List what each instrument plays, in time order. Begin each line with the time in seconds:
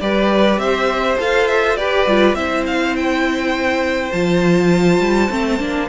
0.00 cello G3, viola G4, violin B4 D5
0.58 cello C4, violin C5 E5
1.18 cello F4, viola A4, violin F5
1.48 violin E5
1.76 cello G4, viola G4, violin B4 D5
2.07 cello G3, viola F4
2.33 cello C4, viola E4, violin C5 E5
2.67 violin F5
2.96 violin G5
4.12 cello F3, viola F4, violin A5
5.00 cello G3
5.29 cello A3, viola C4
5.59 cello A#3, viola D4